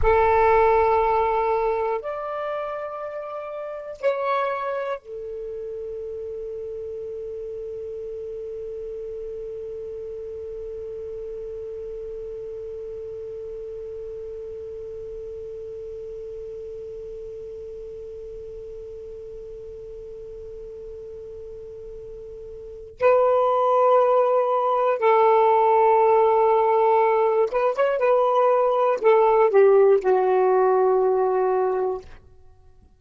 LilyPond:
\new Staff \with { instrumentName = "saxophone" } { \time 4/4 \tempo 4 = 60 a'2 d''2 | cis''4 a'2.~ | a'1~ | a'1~ |
a'1~ | a'2. b'4~ | b'4 a'2~ a'8 b'16 cis''16 | b'4 a'8 g'8 fis'2 | }